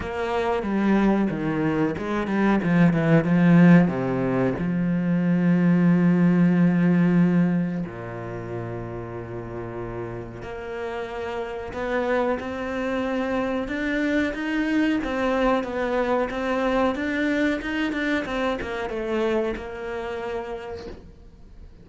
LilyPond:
\new Staff \with { instrumentName = "cello" } { \time 4/4 \tempo 4 = 92 ais4 g4 dis4 gis8 g8 | f8 e8 f4 c4 f4~ | f1 | ais,1 |
ais2 b4 c'4~ | c'4 d'4 dis'4 c'4 | b4 c'4 d'4 dis'8 d'8 | c'8 ais8 a4 ais2 | }